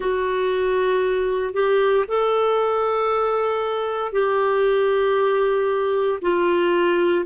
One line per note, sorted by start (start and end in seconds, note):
0.00 1.53 F#4
1.53 2.05 G4
2.07 4.12 A4
4.12 6.19 G4
6.21 7.25 F4